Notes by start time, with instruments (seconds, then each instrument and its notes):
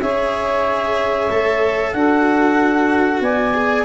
0.00 tuba C#4, cello G#4, saxophone C#5, clarinet E5
1.29 tuba A3, cello A4
1.92 tuba D4, cello F#4, saxophone A4, clarinet F#5
3.20 tuba B3, saxophone D5, clarinet G#5
3.53 cello G#4